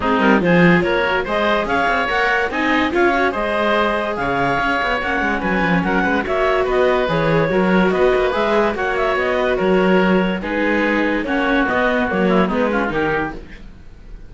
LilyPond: <<
  \new Staff \with { instrumentName = "clarinet" } { \time 4/4 \tempo 4 = 144 gis'8 ais'8 c''4 cis''4 dis''4 | f''4 fis''4 gis''4 f''4 | dis''2 f''2 | fis''4 gis''4 fis''4 e''4 |
dis''4 cis''2 dis''4 | e''4 fis''8 e''8 dis''4 cis''4~ | cis''4 b'2 cis''4 | dis''4 cis''4 b'4 ais'4 | }
  \new Staff \with { instrumentName = "oboe" } { \time 4/4 dis'4 gis'4 ais'4 c''4 | cis''2 dis''4 cis''4 | c''2 cis''2~ | cis''4 b'4 ais'8 b'8 cis''4 |
b'2 ais'4 b'4~ | b'4 cis''4. b'8 ais'4~ | ais'4 gis'2 fis'4~ | fis'4. e'8 dis'8 f'8 g'4 | }
  \new Staff \with { instrumentName = "viola" } { \time 4/4 c'4 f'4. fis'8 gis'4~ | gis'4 ais'4 dis'4 f'8 fis'8 | gis'1 | cis'2. fis'4~ |
fis'4 gis'4 fis'2 | gis'4 fis'2.~ | fis'4 dis'2 cis'4 | b4 ais4 b8 cis'8 dis'4 | }
  \new Staff \with { instrumentName = "cello" } { \time 4/4 gis8 g8 f4 ais4 gis4 | cis'8 c'8 ais4 c'4 cis'4 | gis2 cis4 cis'8 b8 | ais8 gis8 fis8 f8 fis8 gis8 ais4 |
b4 e4 fis4 b8 ais8 | gis4 ais4 b4 fis4~ | fis4 gis2 ais4 | b4 fis4 gis4 dis4 | }
>>